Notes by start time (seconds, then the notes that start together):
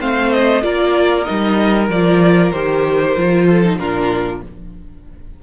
0.00 A3 C4 C5 F5
0.33 D#5
0.62 A#3 F4 A#4 D5
1.24 D#4 D#5
1.30 G3
1.89 F3 F4 D5
2.52 D#3 G4 C5
3.17 F3 F4
3.47 A4
3.65 D#4
3.79 A#2 D4 F4 A#4